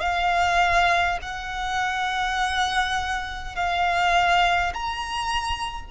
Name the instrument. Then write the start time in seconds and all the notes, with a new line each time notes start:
violin
0.00 F5
1.21 F#5
3.55 F5
4.73 A#5